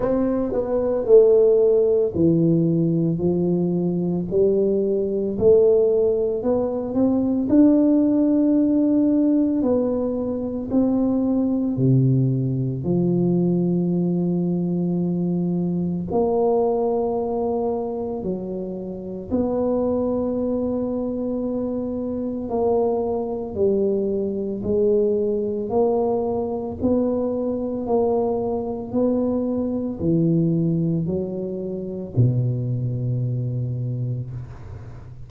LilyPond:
\new Staff \with { instrumentName = "tuba" } { \time 4/4 \tempo 4 = 56 c'8 b8 a4 e4 f4 | g4 a4 b8 c'8 d'4~ | d'4 b4 c'4 c4 | f2. ais4~ |
ais4 fis4 b2~ | b4 ais4 g4 gis4 | ais4 b4 ais4 b4 | e4 fis4 b,2 | }